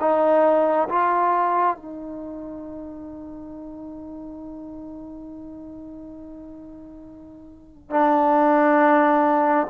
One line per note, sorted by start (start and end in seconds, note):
0.00 0.88 D#4
0.89 1.76 F4
1.76 7.91 D#4
7.91 9.67 D4